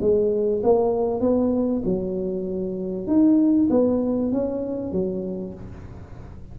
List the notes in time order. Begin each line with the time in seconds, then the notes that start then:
0.00 G#3
0.63 A#3
1.20 B3
1.84 F#3
3.07 D#4
3.70 B3
4.32 C#4
4.92 F#3